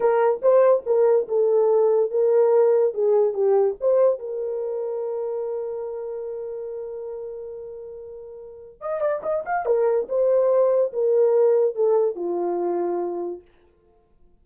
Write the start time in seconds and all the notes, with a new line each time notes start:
0.00 A#4
0.41 C5
0.85 A#4
1.28 A4
2.11 A#4
2.94 G#4
3.33 G4
3.80 C5
4.19 A#4
8.80 D#5
9.00 D5
9.23 D#5
9.45 F5
9.65 A#4
10.08 C5
10.92 A#4
11.75 A4
12.15 F4